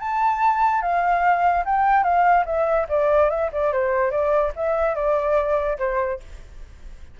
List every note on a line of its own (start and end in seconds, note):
0.00 0.82 A5
0.82 1.65 F5
1.65 2.04 G5
2.04 2.45 F5
2.46 2.87 E5
2.89 3.30 D5
3.30 3.51 E5
3.52 3.73 D5
3.73 4.11 C5
4.11 4.53 D5
4.56 4.95 E5
4.95 5.78 D5
5.78 6.20 C5